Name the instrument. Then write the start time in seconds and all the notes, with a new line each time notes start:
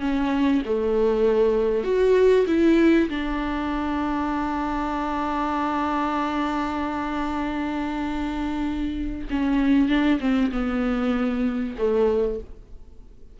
viola
0.00 C#4
0.65 A3
1.84 F#4
2.47 E4
3.09 D4
9.30 C#4
9.88 D4
10.20 C4
10.51 B3
11.78 A3